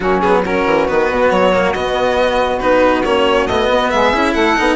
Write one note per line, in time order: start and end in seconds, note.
0.00 0.64 F#3
0.00 0.23 A#3
0.00 0.43 C#4
0.00 0.20 F#4
0.20 0.44 B3
0.20 0.42 G#4
0.43 0.87 C#4
0.43 3.90 F#4
0.43 0.87 A#4
0.65 0.87 E3
0.87 1.11 D#3
0.87 1.52 B3
0.87 1.30 B4
1.11 1.30 B2
1.30 1.73 F#3
1.30 1.72 C#5
1.52 1.74 A#3
1.72 2.60 B2
1.72 2.60 B3
1.72 2.58 D#5
2.58 3.05 B3
2.58 3.03 D#4
2.58 3.02 B4
3.04 3.46 A#3
3.04 3.49 C#4
3.04 3.46 C#5
3.46 3.68 A3
3.46 4.13 B3
3.46 3.90 D#5
3.69 3.91 B3
3.90 4.12 G#3
3.90 4.32 G#4
3.90 4.33 E5
4.12 4.34 C#4
4.12 4.56 E4
4.32 4.57 A3
4.32 4.75 A4
4.32 4.75 F#5
4.56 4.75 B3
4.56 4.75 D#4